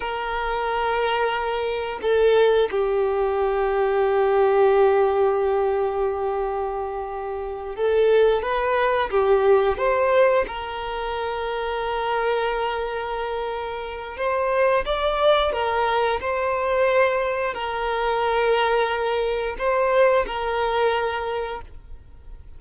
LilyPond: \new Staff \with { instrumentName = "violin" } { \time 4/4 \tempo 4 = 89 ais'2. a'4 | g'1~ | g'2.~ g'8 a'8~ | a'8 b'4 g'4 c''4 ais'8~ |
ais'1~ | ais'4 c''4 d''4 ais'4 | c''2 ais'2~ | ais'4 c''4 ais'2 | }